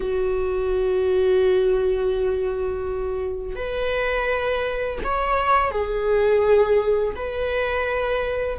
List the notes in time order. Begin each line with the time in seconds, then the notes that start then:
0.00 F#4
3.55 B4
5.04 C#5
5.71 G#4
7.15 B4